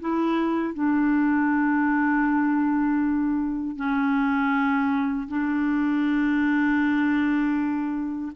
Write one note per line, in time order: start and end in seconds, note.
0.00 0.74 E4
0.74 3.76 D4
3.76 5.28 C#4
5.28 8.32 D4